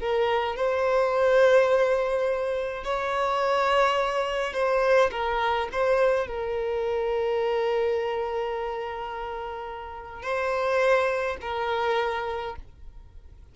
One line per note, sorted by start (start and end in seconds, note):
0.00 0.56 A#4
0.56 2.84 C5
2.84 4.53 C#5
4.53 5.10 C5
5.11 5.69 A#4
5.72 6.27 C5
6.27 10.23 A#4
10.23 11.37 C5
11.41 12.56 A#4